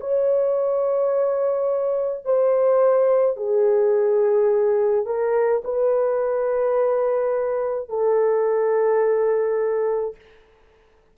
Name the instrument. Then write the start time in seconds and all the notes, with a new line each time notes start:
horn
0.00 C#5
2.25 C5
3.37 G#4
5.05 A#4
5.64 B4
7.89 A4